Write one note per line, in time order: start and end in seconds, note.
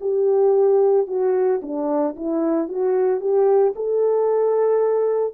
0.00 1.07 G4
1.07 1.60 F#4
1.62 2.16 D4
2.16 2.68 E4
2.68 3.20 F#4
3.20 3.74 G4
3.75 5.34 A4